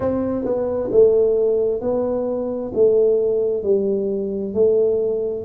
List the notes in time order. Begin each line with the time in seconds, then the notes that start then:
0.00 C4
0.44 B3
0.91 A3
1.81 B3
2.74 A3
3.63 G3
4.54 A3